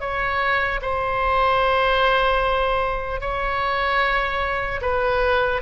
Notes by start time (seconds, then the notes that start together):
0.00 C#5
0.81 C5
3.20 C#5
4.81 B4